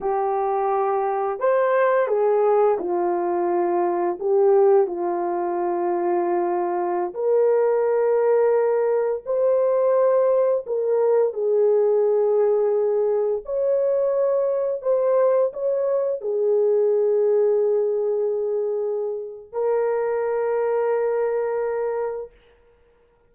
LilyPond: \new Staff \with { instrumentName = "horn" } { \time 4/4 \tempo 4 = 86 g'2 c''4 gis'4 | f'2 g'4 f'4~ | f'2~ f'16 ais'4.~ ais'16~ | ais'4~ ais'16 c''2 ais'8.~ |
ais'16 gis'2. cis''8.~ | cis''4~ cis''16 c''4 cis''4 gis'8.~ | gis'1 | ais'1 | }